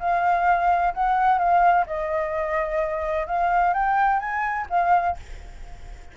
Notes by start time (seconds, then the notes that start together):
0.00 F5
0.94 F#5
1.38 F5
1.86 D#5
3.27 F5
3.74 G5
4.20 G#5
4.70 F5